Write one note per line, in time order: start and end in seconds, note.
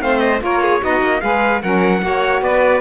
0.00 0.41 A3
0.00 0.40 C4
0.00 0.43 C5
0.00 0.20 F5
0.20 0.40 D#5
0.40 0.81 A#3
0.40 0.80 F4
0.40 0.62 A#4
0.40 0.84 C#5
0.62 0.82 G#4
0.81 1.02 B3
0.81 1.21 D#4
0.81 1.22 F#4
0.81 1.21 D#5
1.02 1.22 A#3
1.21 1.63 G#3
1.21 1.61 G#4
1.21 1.62 B4
1.21 1.61 F5
1.62 2.02 F#3
1.62 2.00 C#4
1.62 2.02 A#4
1.62 2.42 F#5
2.00 2.42 A#3
2.00 2.80 F#4
2.06 2.43 C#5
2.42 2.81 B3
2.42 2.81 B4
2.42 2.81 D5